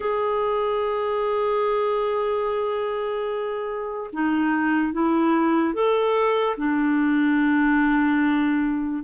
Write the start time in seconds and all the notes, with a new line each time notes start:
0.00 G#4
4.12 D#4
4.92 E4
5.73 A4
6.57 D4